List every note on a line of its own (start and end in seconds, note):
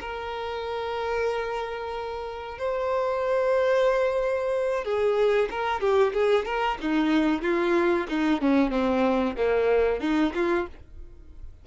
0.00 2.58 A#4
2.58 4.84 C5
4.84 5.48 G#4
5.50 5.80 A#4
5.80 6.12 G4
6.13 6.45 G#4
6.45 6.77 A#4
6.81 7.42 D#4
7.42 8.06 F4
8.09 8.41 D#4
8.41 8.71 C#4
8.71 9.35 C4
9.36 10.00 A#3
10.00 10.32 D#4
10.34 10.66 F4